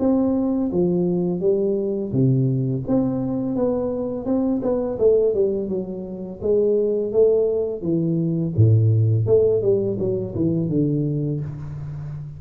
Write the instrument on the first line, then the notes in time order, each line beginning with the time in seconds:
tuba
0.00 C4
0.72 F3
1.41 G3
2.13 C3
2.88 C4
3.56 B3
4.26 C4
4.63 B3
4.99 A3
5.34 G3
5.69 F#3
6.42 G#3
7.13 A3
7.82 E3
8.56 A2
9.27 A3
9.62 G3
9.99 F#3
10.36 E3
10.69 D3